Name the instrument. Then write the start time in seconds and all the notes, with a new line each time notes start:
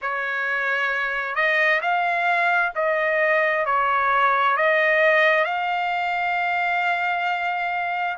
trumpet
0.01 C#5
1.35 D#5
1.81 F5
2.75 D#5
3.65 C#5
4.57 D#5
5.44 F5